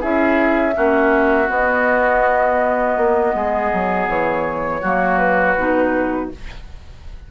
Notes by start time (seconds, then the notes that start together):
0.00 C#4 E4 G#4 E5
0.72 A#3 C#4 F#4
1.47 B3 D#5
2.96 A#3
3.34 G#3 G#4
3.73 F#3
4.07 E3 C#5
4.81 F#3 A#3 F#4
5.18 B4
5.57 B2 D#4